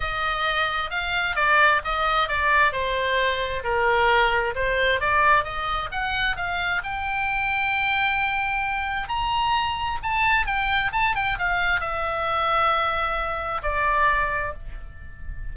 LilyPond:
\new Staff \with { instrumentName = "oboe" } { \time 4/4 \tempo 4 = 132 dis''2 f''4 d''4 | dis''4 d''4 c''2 | ais'2 c''4 d''4 | dis''4 fis''4 f''4 g''4~ |
g''1 | ais''2 a''4 g''4 | a''8 g''8 f''4 e''2~ | e''2 d''2 | }